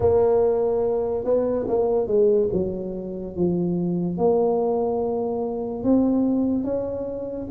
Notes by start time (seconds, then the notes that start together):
0.00 A#3
1.24 B3
1.67 A#3
2.07 G#3
2.52 F#3
3.36 F3
4.17 A#3
5.83 C4
6.64 C#4